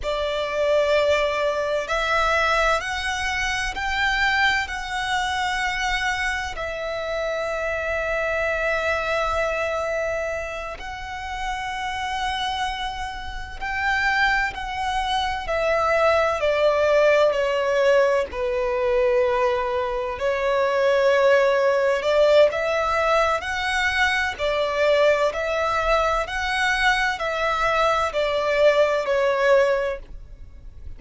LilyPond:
\new Staff \with { instrumentName = "violin" } { \time 4/4 \tempo 4 = 64 d''2 e''4 fis''4 | g''4 fis''2 e''4~ | e''2.~ e''8 fis''8~ | fis''2~ fis''8 g''4 fis''8~ |
fis''8 e''4 d''4 cis''4 b'8~ | b'4. cis''2 d''8 | e''4 fis''4 d''4 e''4 | fis''4 e''4 d''4 cis''4 | }